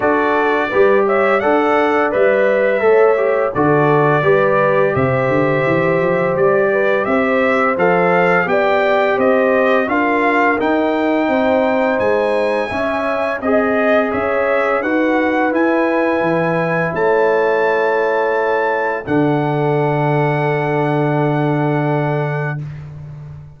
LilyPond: <<
  \new Staff \with { instrumentName = "trumpet" } { \time 4/4 \tempo 4 = 85 d''4. e''8 fis''4 e''4~ | e''4 d''2 e''4~ | e''4 d''4 e''4 f''4 | g''4 dis''4 f''4 g''4~ |
g''4 gis''2 dis''4 | e''4 fis''4 gis''2 | a''2. fis''4~ | fis''1 | }
  \new Staff \with { instrumentName = "horn" } { \time 4/4 a'4 b'8 cis''8 d''2 | cis''4 a'4 b'4 c''4~ | c''4. b'8 c''2 | d''4 c''4 ais'2 |
c''2 e''4 dis''4 | cis''4 b'2. | cis''2. a'4~ | a'1 | }
  \new Staff \with { instrumentName = "trombone" } { \time 4/4 fis'4 g'4 a'4 b'4 | a'8 g'8 fis'4 g'2~ | g'2. a'4 | g'2 f'4 dis'4~ |
dis'2 cis'4 gis'4~ | gis'4 fis'4 e'2~ | e'2. d'4~ | d'1 | }
  \new Staff \with { instrumentName = "tuba" } { \time 4/4 d'4 g4 d'4 g4 | a4 d4 g4 c8 d8 | e8 f8 g4 c'4 f4 | b4 c'4 d'4 dis'4 |
c'4 gis4 cis'4 c'4 | cis'4 dis'4 e'4 e4 | a2. d4~ | d1 | }
>>